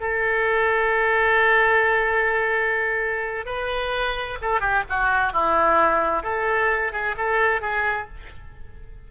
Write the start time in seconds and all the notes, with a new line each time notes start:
0.00 A4
3.46 B4
4.42 A4
4.60 G4
4.89 F#4
5.33 E4
6.23 A4
6.93 G#4
7.17 A4
7.61 G#4